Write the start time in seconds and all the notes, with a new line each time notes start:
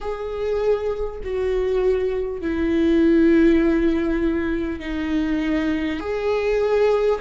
0.00 G#4
1.23 F#4
2.41 E4
4.79 D#4
6.00 G#4